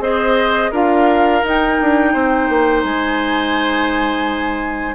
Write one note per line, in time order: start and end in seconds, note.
0.00 0.71 C4
0.00 0.73 G#4
0.00 0.72 C5
0.00 0.73 D#5
0.72 1.43 D4
0.72 1.43 F4
0.72 2.13 A#4
0.72 1.46 F5
1.43 4.95 D#4
1.43 1.79 D#4
1.43 2.84 G5
1.81 2.15 D4
2.13 2.49 C4
2.13 4.95 C5
2.49 2.84 A#3
2.84 4.95 G#3
2.84 4.95 G#5